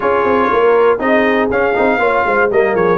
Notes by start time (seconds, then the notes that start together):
0.00 C#4 F4 G#4 C#5
0.24 C4
0.50 A#3 A#4
0.99 C4 D#4 G#4 D#5
1.50 C#4 F5
1.74 C4 D#4
1.98 A#3 F4 C#5
2.26 G#3 C5
2.50 G3 A#3 A#4 D#5
2.74 F3 G#4 C#5